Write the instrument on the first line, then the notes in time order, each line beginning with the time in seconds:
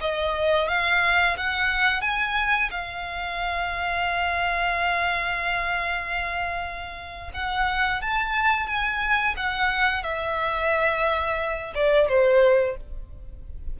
violin
0.00 D#5
0.68 F5
1.37 F#5
2.01 G#5
2.70 F5
7.33 F#5
8.01 A5
8.67 G#5
9.36 F#5
10.03 E5
11.74 D5
12.08 C5